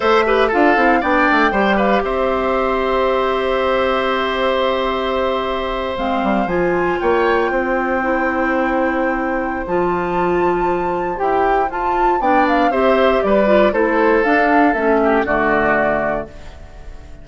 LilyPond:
<<
  \new Staff \with { instrumentName = "flute" } { \time 4/4 \tempo 4 = 118 e''4 f''4 g''4. f''8 | e''1~ | e''2.~ e''8. f''16~ | f''8. gis''4 g''2~ g''16~ |
g''2. a''4~ | a''2 g''4 a''4 | g''8 f''8 e''4 d''4 c''4 | f''4 e''4 d''2 | }
  \new Staff \with { instrumentName = "oboe" } { \time 4/4 c''8 b'8 a'4 d''4 c''8 b'8 | c''1~ | c''1~ | c''4.~ c''16 cis''4 c''4~ c''16~ |
c''1~ | c''1 | d''4 c''4 b'4 a'4~ | a'4. g'8 fis'2 | }
  \new Staff \with { instrumentName = "clarinet" } { \time 4/4 a'8 g'8 f'8 e'8 d'4 g'4~ | g'1~ | g'2.~ g'8. c'16~ | c'8. f'2. e'16~ |
e'2. f'4~ | f'2 g'4 f'4 | d'4 g'4. f'8 e'4 | d'4 cis'4 a2 | }
  \new Staff \with { instrumentName = "bassoon" } { \time 4/4 a4 d'8 c'8 b8 a8 g4 | c'1~ | c'2.~ c'8. gis16~ | gis16 g8 f4 ais4 c'4~ c'16~ |
c'2. f4~ | f2 e'4 f'4 | b4 c'4 g4 a4 | d'4 a4 d2 | }
>>